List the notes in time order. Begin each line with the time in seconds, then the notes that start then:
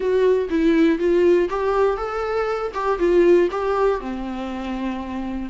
0.00 F#4
0.49 E4
0.98 F4
1.49 G4
1.97 A4
2.74 G4
2.98 F4
3.51 G4
4.00 C4